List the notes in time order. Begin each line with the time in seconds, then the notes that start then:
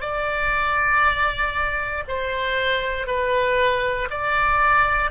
0.00 D5
2.08 C5
3.06 B4
4.10 D5